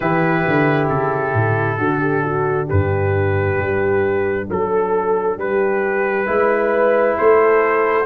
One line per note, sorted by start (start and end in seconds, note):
0.00 0.45 E3
0.00 1.79 E4
0.00 1.78 G4
0.00 0.88 B4
0.47 0.89 D3
0.89 1.33 C#3
0.89 2.68 A4
1.33 1.77 A2
1.77 2.67 D3
1.77 6.26 D4
1.77 1.99 F#4
1.99 2.22 G4
2.23 2.66 F#4
2.66 3.58 G2
2.66 4.45 G4
2.66 4.48 B4
3.58 4.48 G3
4.49 5.36 F#3
4.49 5.37 A4
4.49 5.39 A4
5.36 6.26 G3
5.36 6.26 G4
5.36 7.16 B4
6.26 7.17 G#3
6.26 8.05 E4
6.26 7.16 B4
7.16 8.05 A3
7.16 8.05 A4
7.16 8.05 C5